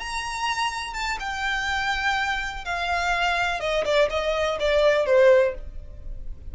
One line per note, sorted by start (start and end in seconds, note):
0.00 0.94 A#5
0.94 1.18 A5
1.20 2.65 G5
2.65 3.60 F5
3.60 3.85 D#5
3.85 4.09 D5
4.10 4.59 D#5
4.60 5.06 D5
5.06 5.55 C5